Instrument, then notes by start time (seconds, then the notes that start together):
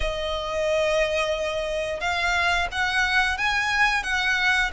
violin
0.00 D#5
2.00 F5
2.71 F#5
3.37 G#5
4.03 F#5